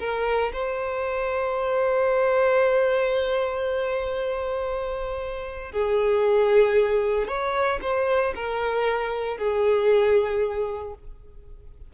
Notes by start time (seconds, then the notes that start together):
0.00 A#4
0.53 C5
5.72 G#4
7.28 C#5
7.82 C5
8.36 A#4
9.38 G#4